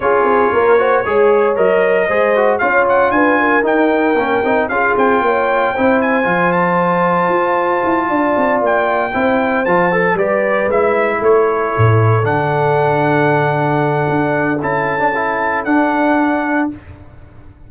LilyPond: <<
  \new Staff \with { instrumentName = "trumpet" } { \time 4/4 \tempo 4 = 115 cis''2. dis''4~ | dis''4 f''8 fis''8 gis''4 g''4~ | g''4 f''8 g''2 gis''8~ | gis''8 a''2.~ a''8~ |
a''8 g''2 a''4 d''8~ | d''8 e''4 cis''2 fis''8~ | fis''1 | a''2 fis''2 | }
  \new Staff \with { instrumentName = "horn" } { \time 4/4 gis'4 ais'8 c''8 cis''2 | c''4 cis''4 b'8 ais'4.~ | ais'4 gis'4 cis''4 c''4~ | c''2.~ c''8 d''8~ |
d''4. c''2 b'8~ | b'4. a'2~ a'8~ | a'1~ | a'1 | }
  \new Staff \with { instrumentName = "trombone" } { \time 4/4 f'4. fis'8 gis'4 ais'4 | gis'8 fis'8 f'2 dis'4 | cis'8 dis'8 f'2 e'4 | f'1~ |
f'4. e'4 f'8 a'8 g'8~ | g'8 e'2. d'8~ | d'1 | e'8. d'16 e'4 d'2 | }
  \new Staff \with { instrumentName = "tuba" } { \time 4/4 cis'8 c'8 ais4 gis4 fis4 | gis4 cis'4 d'4 dis'4 | ais8 c'8 cis'8 c'8 ais4 c'4 | f2 f'4 e'8 d'8 |
c'8 ais4 c'4 f4 g8~ | g8 gis4 a4 a,4 d8~ | d2. d'4 | cis'2 d'2 | }
>>